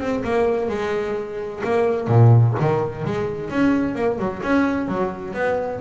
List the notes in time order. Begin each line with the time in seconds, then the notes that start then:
0.00 C4
0.24 A#3
0.69 G#3
1.64 A#3
2.08 A#2
2.60 D#3
3.05 G#3
3.50 C#4
3.95 A#3
4.19 F#3
4.43 C#4
4.88 F#3
5.34 B3